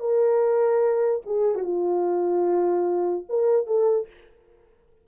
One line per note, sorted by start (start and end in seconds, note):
0.00 1.22 A#4
1.26 1.55 G#4
1.55 1.63 F#4
1.63 3.26 F4
3.29 3.67 A#4
3.67 4.08 A4